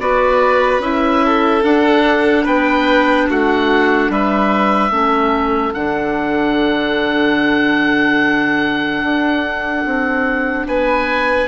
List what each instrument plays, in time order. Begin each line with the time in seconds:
0.00 bassoon B3, clarinet F#4, violin B4, oboe D5
0.79 bassoon C#4, clarinet E4, oboe E5
1.26 violin A4
1.62 clarinet D4, bassoon D4, oboe F#5
2.44 bassoon B3, violin B4, oboe G5
3.29 bassoon A3, violin F#4, oboe F#5
4.09 bassoon G3, violin B4, oboe E5
4.91 bassoon A3, clarinet C#4, violin A4
5.74 bassoon D3, clarinet D4, oboe F#5
9.03 bassoon D4
9.86 bassoon C4
10.67 bassoon B3, violin B4, oboe G#5